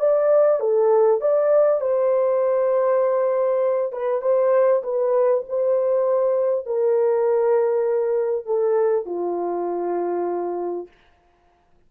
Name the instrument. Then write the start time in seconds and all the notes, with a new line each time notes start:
horn
0.00 D5
0.60 A4
1.21 D5
1.81 C5
3.93 B4
4.22 C5
4.83 B4
5.49 C5
6.66 A#4
8.46 A4
9.06 F4